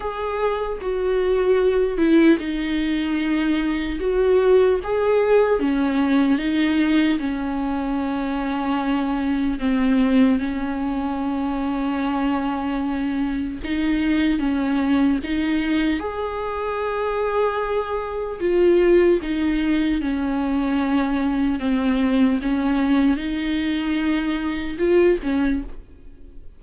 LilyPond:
\new Staff \with { instrumentName = "viola" } { \time 4/4 \tempo 4 = 75 gis'4 fis'4. e'8 dis'4~ | dis'4 fis'4 gis'4 cis'4 | dis'4 cis'2. | c'4 cis'2.~ |
cis'4 dis'4 cis'4 dis'4 | gis'2. f'4 | dis'4 cis'2 c'4 | cis'4 dis'2 f'8 cis'8 | }